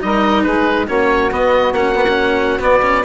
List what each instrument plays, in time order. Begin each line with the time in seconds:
0.00 bassoon G3, cello D#4, saxophone A#4, oboe D#5
0.43 bassoon G#3, saxophone G#4, oboe B4
0.86 bassoon A#3, cello C#4, saxophone F#4, oboe C#5
1.31 cello B3, bassoon B3, oboe D#5
1.72 bassoon A#3, cello C#4, oboe F#5
1.95 cello B3
2.09 cello C#4
2.59 cello B3, bassoon B3, oboe D5
2.82 cello C#4